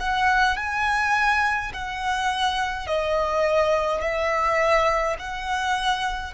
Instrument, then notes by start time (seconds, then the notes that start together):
violin
0.00 F#5
0.57 G#5
1.74 F#5
2.88 D#5
4.01 E5
5.20 F#5